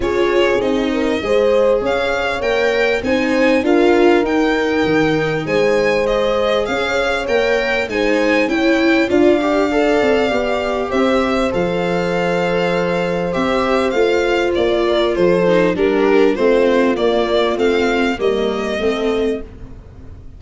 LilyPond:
<<
  \new Staff \with { instrumentName = "violin" } { \time 4/4 \tempo 4 = 99 cis''4 dis''2 f''4 | g''4 gis''4 f''4 g''4~ | g''4 gis''4 dis''4 f''4 | g''4 gis''4 g''4 f''4~ |
f''2 e''4 f''4~ | f''2 e''4 f''4 | d''4 c''4 ais'4 c''4 | d''4 f''4 dis''2 | }
  \new Staff \with { instrumentName = "horn" } { \time 4/4 gis'4. ais'8 c''4 cis''4~ | cis''4 c''4 ais'2~ | ais'4 c''2 cis''4~ | cis''4 c''4 cis''4 d''4~ |
d''2 c''2~ | c''1~ | c''8 ais'8 a'4 g'4 f'4~ | f'2 ais'4 a'4 | }
  \new Staff \with { instrumentName = "viola" } { \time 4/4 f'4 dis'4 gis'2 | ais'4 dis'4 f'4 dis'4~ | dis'2 gis'2 | ais'4 dis'4 e'4 f'8 g'8 |
a'4 g'2 a'4~ | a'2 g'4 f'4~ | f'4. dis'8 d'4 c'4 | ais4 c'4 ais4 c'4 | }
  \new Staff \with { instrumentName = "tuba" } { \time 4/4 cis'4 c'4 gis4 cis'4 | ais4 c'4 d'4 dis'4 | dis4 gis2 cis'4 | ais4 gis4 cis'4 d'4~ |
d'8 c'8 b4 c'4 f4~ | f2 c'4 a4 | ais4 f4 g4 a4 | ais4 a4 g4 a4 | }
>>